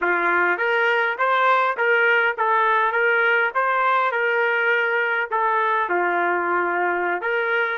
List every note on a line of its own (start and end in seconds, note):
0.01 0.57 F4
0.57 1.16 A#4
1.17 1.76 C5
1.77 2.36 A#4
2.37 2.92 A4
2.92 3.51 A#4
3.54 4.11 C5
4.11 5.29 A#4
5.30 5.89 A4
5.89 7.21 F4
7.21 7.78 A#4